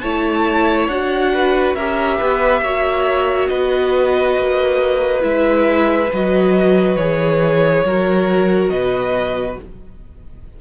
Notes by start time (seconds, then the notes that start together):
0.00 A3 E4 C#5 A5
0.88 D4 F#4 F#5
1.34 B4
1.75 C#4 G4 A#4 E5
2.18 B3 B4
2.61 A#3 F#4 C#5
3.48 B3 B4 D#5
4.37 A#3
5.21 G#3 E4 E5
6.13 F#3 F#4 D#5
6.96 E3 G#4 C#5
7.85 F#3 F#4 A#4
8.69 B2 B4 D#5